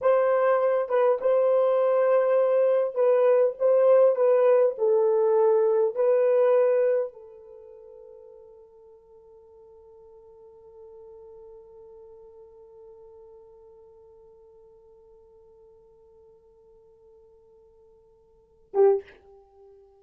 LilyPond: \new Staff \with { instrumentName = "horn" } { \time 4/4 \tempo 4 = 101 c''4. b'8 c''2~ | c''4 b'4 c''4 b'4 | a'2 b'2 | a'1~ |
a'1~ | a'1~ | a'1~ | a'2.~ a'8 g'8 | }